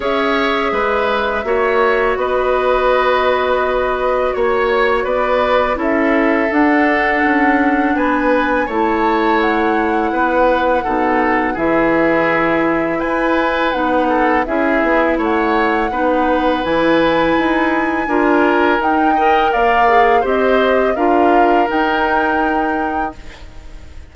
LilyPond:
<<
  \new Staff \with { instrumentName = "flute" } { \time 4/4 \tempo 4 = 83 e''2. dis''4~ | dis''2 cis''4 d''4 | e''4 fis''2 gis''4 | a''4 fis''2. |
e''2 gis''4 fis''4 | e''4 fis''2 gis''4~ | gis''2 g''4 f''4 | dis''4 f''4 g''2 | }
  \new Staff \with { instrumentName = "oboe" } { \time 4/4 cis''4 b'4 cis''4 b'4~ | b'2 cis''4 b'4 | a'2. b'4 | cis''2 b'4 a'4 |
gis'2 b'4. a'8 | gis'4 cis''4 b'2~ | b'4 ais'4. dis''8 d''4 | c''4 ais'2. | }
  \new Staff \with { instrumentName = "clarinet" } { \time 4/4 gis'2 fis'2~ | fis'1 | e'4 d'2. | e'2. dis'4 |
e'2. dis'4 | e'2 dis'4 e'4~ | e'4 f'4 dis'8 ais'4 gis'8 | g'4 f'4 dis'2 | }
  \new Staff \with { instrumentName = "bassoon" } { \time 4/4 cis'4 gis4 ais4 b4~ | b2 ais4 b4 | cis'4 d'4 cis'4 b4 | a2 b4 b,4 |
e2 e'4 b4 | cis'8 b8 a4 b4 e4 | dis'4 d'4 dis'4 ais4 | c'4 d'4 dis'2 | }
>>